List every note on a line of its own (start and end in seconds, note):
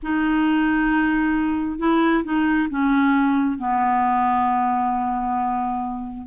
0.02 1.79 D#4
1.79 2.23 E4
2.23 2.68 D#4
2.69 3.58 C#4
3.58 6.26 B3